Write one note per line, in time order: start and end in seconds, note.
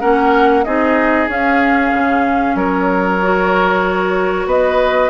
0.00 0.66 A#3
0.00 0.64 C#4
0.00 0.64 A#4
0.00 0.64 F#5
0.64 1.28 C4
0.64 1.29 D#4
0.64 2.56 G#4
0.64 1.28 D#5
1.28 1.91 C#4
1.28 3.20 C#4
1.28 2.56 F5
1.92 2.55 C#3
2.55 4.46 F#3
2.55 4.47 A#4
2.55 4.48 C#5
3.22 5.10 F#4
4.46 5.09 B3
4.46 5.10 B4
4.46 5.10 D#5